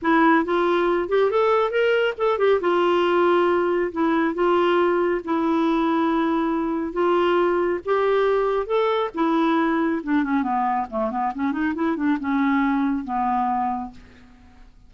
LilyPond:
\new Staff \with { instrumentName = "clarinet" } { \time 4/4 \tempo 4 = 138 e'4 f'4. g'8 a'4 | ais'4 a'8 g'8 f'2~ | f'4 e'4 f'2 | e'1 |
f'2 g'2 | a'4 e'2 d'8 cis'8 | b4 a8 b8 cis'8 dis'8 e'8 d'8 | cis'2 b2 | }